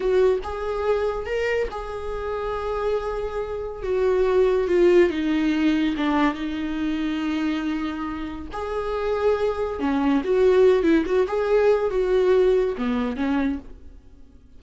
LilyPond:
\new Staff \with { instrumentName = "viola" } { \time 4/4 \tempo 4 = 141 fis'4 gis'2 ais'4 | gis'1~ | gis'4 fis'2 f'4 | dis'2 d'4 dis'4~ |
dis'1 | gis'2. cis'4 | fis'4. e'8 fis'8 gis'4. | fis'2 b4 cis'4 | }